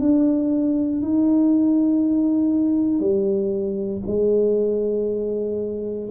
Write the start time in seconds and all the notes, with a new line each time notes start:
0.00 D4
1.02 D#4
3.00 G3
4.06 G#3